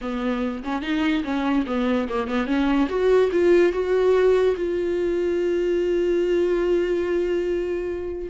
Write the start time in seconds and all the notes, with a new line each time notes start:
0.01 B3
0.63 C#4
0.81 D#4
1.23 C#4
1.66 B3
2.08 A#3
2.27 B3
2.46 C#4
2.88 F#4
3.32 F4
3.72 F#4
4.56 F4